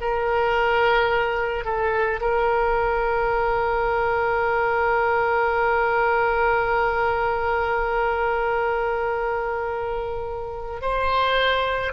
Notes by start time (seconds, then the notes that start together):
0.00 A#4
1.64 A4
2.20 A#4
10.81 C5